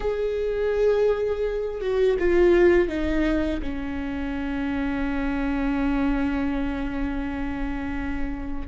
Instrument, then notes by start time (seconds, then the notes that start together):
viola
0.00 G#4
1.80 F#4
2.19 F4
2.88 D#4
3.61 C#4